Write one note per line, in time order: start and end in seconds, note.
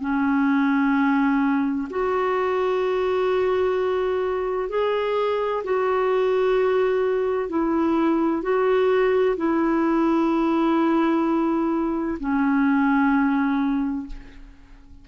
0.00 1.87 C#4
1.90 4.69 F#4
4.69 5.63 G#4
5.64 7.49 F#4
7.49 8.42 E4
8.42 9.36 F#4
9.37 12.18 E4
12.19 14.07 C#4